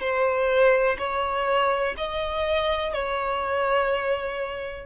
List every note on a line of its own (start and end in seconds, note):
0.00 0.97 C5
0.98 1.95 C#5
1.97 2.93 D#5
2.93 4.86 C#5